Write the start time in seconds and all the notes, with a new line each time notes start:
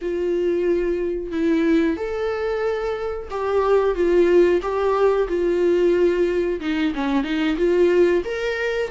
0.01 F4
1.31 E4
1.96 A4
3.30 G4
3.95 F4
4.62 G4
5.28 F4
6.60 D#4
6.94 C#4
7.23 D#4
7.57 F4
8.24 A#4